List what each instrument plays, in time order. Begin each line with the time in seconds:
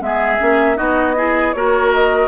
0.00 bassoon G#3, clarinet B3, oboe G#4, flute E5
0.39 bassoon A#3, clarinet C#4
0.76 bassoon B3, clarinet D#4, oboe F#4, flute D#5
1.17 clarinet E4, oboe G#4
1.53 bassoon A#3, clarinet F#4, oboe A#4, flute C#5
1.94 flute D#5